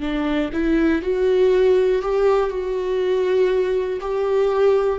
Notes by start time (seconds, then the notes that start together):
0.00 D4
0.53 E4
1.01 F#4
2.02 G4
2.50 F#4
4.00 G4